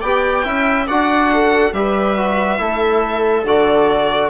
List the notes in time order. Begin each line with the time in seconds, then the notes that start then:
0.00 B3 G4 D5 G5
0.44 C#4 E4 E5
0.87 D4 F#4 D5 F#5
1.33 A4
1.73 G3 G4 B4 E5
2.17 F#4
2.57 A3 E4 A4
3.44 D3 F#4 D5